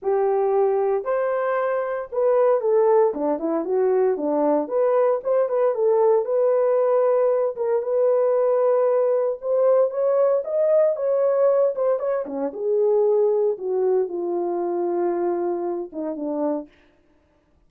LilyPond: \new Staff \with { instrumentName = "horn" } { \time 4/4 \tempo 4 = 115 g'2 c''2 | b'4 a'4 d'8 e'8 fis'4 | d'4 b'4 c''8 b'8 a'4 | b'2~ b'8 ais'8 b'4~ |
b'2 c''4 cis''4 | dis''4 cis''4. c''8 cis''8 cis'8 | gis'2 fis'4 f'4~ | f'2~ f'8 dis'8 d'4 | }